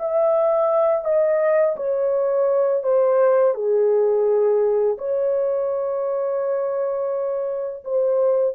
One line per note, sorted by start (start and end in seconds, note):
0.00 1.05 E5
1.05 1.77 D#5
1.77 2.84 C#5
2.84 3.55 C5
3.55 4.98 G#4
4.98 7.84 C#5
7.85 8.56 C5